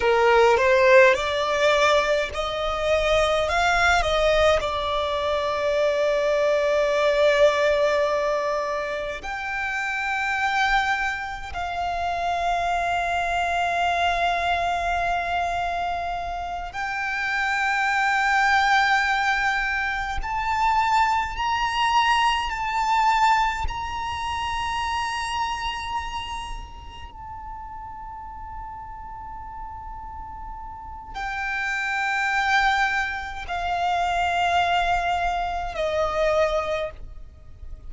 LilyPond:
\new Staff \with { instrumentName = "violin" } { \time 4/4 \tempo 4 = 52 ais'8 c''8 d''4 dis''4 f''8 dis''8 | d''1 | g''2 f''2~ | f''2~ f''8 g''4.~ |
g''4. a''4 ais''4 a''8~ | a''8 ais''2. a''8~ | a''2. g''4~ | g''4 f''2 dis''4 | }